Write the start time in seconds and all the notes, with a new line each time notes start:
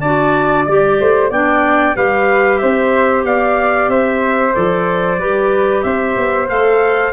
0.00 D4 F#4 D5 A5
0.65 G3 G4 D5
1.00 A3 C5
1.30 B3 D4 D5 G5
1.95 G3 G4 B4 F5
2.58 C4 C5 E5
3.24 B3 D5 F5
3.88 C4 C5 E5
4.53 F3 A4 D5
5.18 G3 G4 B4
5.82 C4 C5 E5
6.16 B3
6.48 A3 A4 F5